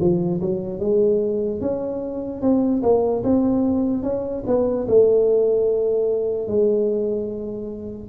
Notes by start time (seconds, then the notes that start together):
0.00 F3
0.41 F#3
0.80 G#3
1.61 C#4
2.41 C4
2.82 A#3
3.23 C4
4.02 C#4
4.47 B3
4.88 A3
6.47 G#3